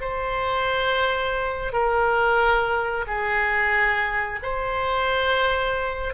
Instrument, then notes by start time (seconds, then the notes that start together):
oboe
0.00 C5
1.72 A#4
3.07 G#4
4.42 C5